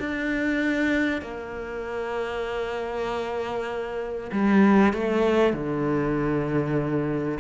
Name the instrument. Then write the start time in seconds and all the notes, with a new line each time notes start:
cello
0.00 D4
1.22 A#3
4.32 G3
4.94 A3
5.54 D3